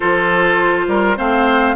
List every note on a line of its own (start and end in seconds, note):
0.00 0.87 F3
0.00 1.17 F4
0.00 0.85 A4
0.00 1.18 C5
0.87 1.16 G3
0.87 1.17 A#4
1.17 1.75 A3
1.17 1.75 C4
1.17 1.75 C5
1.17 1.75 F5